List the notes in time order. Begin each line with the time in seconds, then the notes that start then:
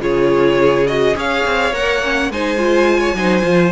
0.00 C#3 F4 G#4 C#5
0.87 F#4 D#5
1.15 C#4 G#4 C#5 F5
1.45 C4
1.73 A#3 A#4 F#5
2.02 C#4
2.30 G#3 D#4 C5 G#5
2.57 F4
3.00 C#5
3.14 F#3 D#4 C5
3.42 F3 F4